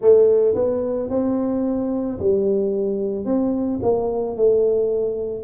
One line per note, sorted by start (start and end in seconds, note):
0.01 0.55 A3
0.55 1.09 B3
1.09 2.18 C4
2.19 3.25 G3
3.25 3.79 C4
3.82 4.36 A#3
4.36 5.43 A3